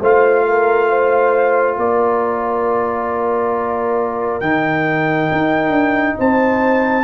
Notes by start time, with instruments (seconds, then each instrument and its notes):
0.00 tuba A3, trombone F4, horn C5, trumpet F5
0.47 horn A#4
0.88 horn C5
1.77 tuba A#3, horn A#4, trumpet D5
4.40 tuba D#3, trombone D#4, trumpet G5
5.31 tuba D#4
5.69 tuba D4
6.17 tuba C4, horn C5, trumpet A5